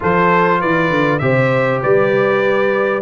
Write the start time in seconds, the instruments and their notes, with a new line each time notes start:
0.00 tuba F3, trombone F4, horn A4, trumpet C5
0.60 tuba E3, horn B4, trumpet D5
0.90 tuba D3
1.18 tuba C3, trombone G4, horn C5, trumpet E5
1.81 tuba G3, horn B4, trumpet D5